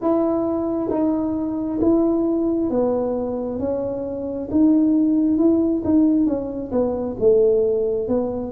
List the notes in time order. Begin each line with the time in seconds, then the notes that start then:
0.01 E4
0.90 D#4
1.80 E4
2.69 B3
3.59 C#4
4.50 D#4
5.37 E4
5.84 D#4
6.26 C#4
6.71 B3
7.19 A3
8.08 B3